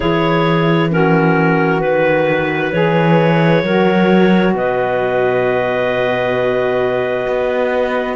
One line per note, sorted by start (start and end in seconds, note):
0.00 1.81 E3
0.00 0.88 E4
0.00 0.90 G#4
0.00 0.91 C#5
0.90 1.81 C#4
0.90 2.72 F#4
0.90 1.80 A#4
1.80 2.72 D#3
1.80 2.71 B4
1.80 3.63 B4
2.72 3.63 E3
2.72 3.63 G#4
2.72 4.54 C#5
3.63 4.53 F#3
3.63 8.15 F#4
3.63 4.54 A#4
4.53 7.26 B2
4.53 8.15 B4
4.53 8.15 D#5
7.27 8.15 B3